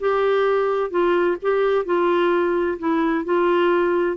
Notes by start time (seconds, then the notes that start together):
0.00 G4
0.90 F4
1.42 G4
1.85 F4
2.79 E4
3.25 F4